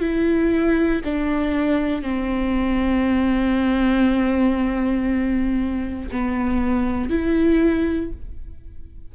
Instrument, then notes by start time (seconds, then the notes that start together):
viola
0.00 E4
1.04 D4
2.02 C4
6.11 B3
7.10 E4